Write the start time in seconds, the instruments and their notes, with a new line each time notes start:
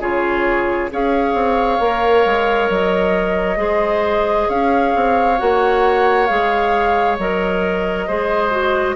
0.00 bassoon C#3, clarinet F4, oboe G#4, flute C#5
0.91 bassoon C#4, clarinet G#4, oboe C#5, flute F5
1.34 bassoon C4
1.80 bassoon A#3, clarinet A#4
2.26 bassoon G#3
2.70 bassoon F#3, flute D#5
3.57 bassoon G#3, clarinet G#4, oboe C5
4.49 bassoon C#4, oboe C#5, flute F5
4.95 bassoon C4
5.38 bassoon A#3, clarinet F#4, flute F#5
6.26 bassoon G#3, clarinet G#4, flute F5
7.18 bassoon F#3, clarinet A#4, flute D#5
8.07 bassoon G#3, clarinet G#4, oboe C5
8.51 clarinet F#4